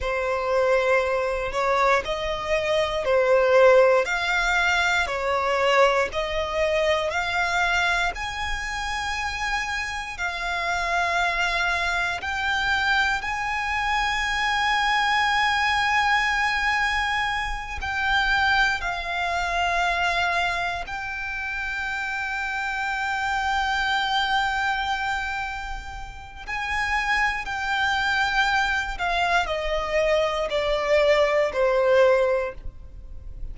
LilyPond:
\new Staff \with { instrumentName = "violin" } { \time 4/4 \tempo 4 = 59 c''4. cis''8 dis''4 c''4 | f''4 cis''4 dis''4 f''4 | gis''2 f''2 | g''4 gis''2.~ |
gis''4. g''4 f''4.~ | f''8 g''2.~ g''8~ | g''2 gis''4 g''4~ | g''8 f''8 dis''4 d''4 c''4 | }